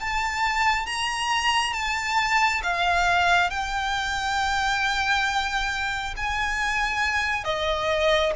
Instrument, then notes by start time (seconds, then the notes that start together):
violin
0.00 A5
0.86 A#5
1.73 A5
2.63 F5
3.50 G5
6.16 G#5
7.44 D#5